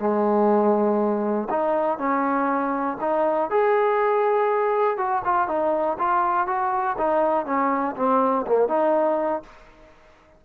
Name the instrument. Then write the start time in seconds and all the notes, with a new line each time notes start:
trombone
0.00 G#3
1.50 D#4
1.99 C#4
3.01 D#4
3.51 G#4
4.98 F#4
5.25 F4
5.48 D#4
5.99 F4
6.48 F#4
6.98 D#4
7.46 C#4
7.97 C4
8.47 A#3
8.68 D#4